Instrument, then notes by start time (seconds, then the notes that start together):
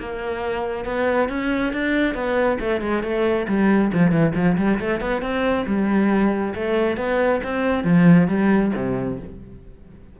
cello
0.00 A#3
0.85 B3
1.29 C#4
1.73 D4
2.15 B3
2.60 A3
2.81 G#3
3.03 A3
3.48 G3
3.93 F3
4.11 E3
4.35 F3
4.57 G3
4.80 A3
5.01 B3
5.22 C4
5.67 G3
6.55 A3
6.97 B3
7.43 C4
7.84 F3
8.28 G3
8.76 C3